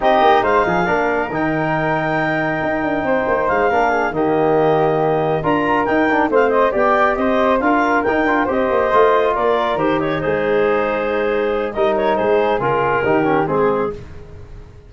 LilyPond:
<<
  \new Staff \with { instrumentName = "clarinet" } { \time 4/4 \tempo 4 = 138 dis''4 f''2 g''4~ | g''1 | f''4. dis''2~ dis''8~ | dis''8 ais''4 g''4 f''8 dis''8 g''8~ |
g''8 dis''4 f''4 g''4 dis''8~ | dis''4. d''4 c''8 cis''8 c''8~ | c''2. dis''8 cis''8 | c''4 ais'2 gis'4 | }
  \new Staff \with { instrumentName = "flute" } { \time 4/4 g'4 c''8 gis'8 ais'2~ | ais'2. c''4~ | c''8 ais'8 gis'8 g'2~ g'8~ | g'8 ais'2 c''4 d''8~ |
d''8 c''4 ais'2 c''8~ | c''4. ais'4. dis'4~ | dis'2. ais'4 | gis'2 g'4 gis'4 | }
  \new Staff \with { instrumentName = "trombone" } { \time 4/4 dis'2 d'4 dis'4~ | dis'1~ | dis'8 d'4 ais2~ ais8~ | ais8 f'4 dis'8 d'8 c'4 g'8~ |
g'4. f'4 dis'8 f'8 g'8~ | g'8 f'2 g'4 gis'8~ | gis'2. dis'4~ | dis'4 f'4 dis'8 cis'8 c'4 | }
  \new Staff \with { instrumentName = "tuba" } { \time 4/4 c'8 ais8 gis8 f8 ais4 dis4~ | dis2 dis'8 d'8 c'8 ais8 | gis8 ais4 dis2~ dis8~ | dis8 d'4 dis'4 a4 b8~ |
b8 c'4 d'4 dis'8 d'8 c'8 | ais8 a4 ais4 dis4 gis8~ | gis2. g4 | gis4 cis4 dis4 gis4 | }
>>